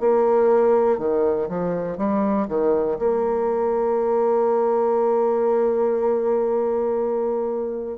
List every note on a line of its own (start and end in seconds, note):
0.00 0.99 A#3
0.99 1.49 D#3
1.49 1.98 F3
1.98 2.48 G3
2.48 2.98 D#3
2.99 7.98 A#3